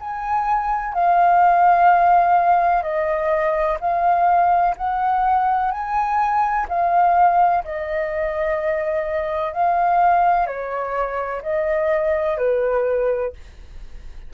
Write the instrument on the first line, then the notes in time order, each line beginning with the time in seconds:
flute
0.00 G#5
0.94 F5
2.83 D#5
3.81 F5
4.77 F#5
5.72 G#5
6.69 F5
7.65 D#5
9.53 F5
10.47 C#5
11.43 D#5
12.38 B4